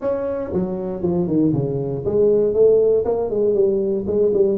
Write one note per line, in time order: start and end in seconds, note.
0.01 0.52 C#4
0.53 1.02 F#3
1.02 1.27 F3
1.27 1.52 D#3
1.53 2.04 C#3
2.05 2.53 G#3
2.53 3.04 A3
3.04 3.30 A#3
3.30 3.54 G#3
3.54 4.05 G3
4.06 4.32 G#3
4.33 4.58 G3